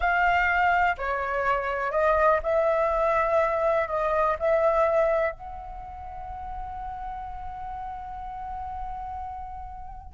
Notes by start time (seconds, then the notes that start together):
0.00 F5
0.97 C#5
1.91 D#5
2.42 E5
3.88 D#5
4.39 E5
5.31 F#5